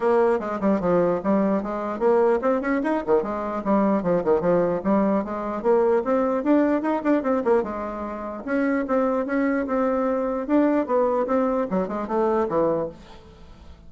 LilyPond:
\new Staff \with { instrumentName = "bassoon" } { \time 4/4 \tempo 4 = 149 ais4 gis8 g8 f4 g4 | gis4 ais4 c'8 cis'8 dis'8 dis8 | gis4 g4 f8 dis8 f4 | g4 gis4 ais4 c'4 |
d'4 dis'8 d'8 c'8 ais8 gis4~ | gis4 cis'4 c'4 cis'4 | c'2 d'4 b4 | c'4 fis8 gis8 a4 e4 | }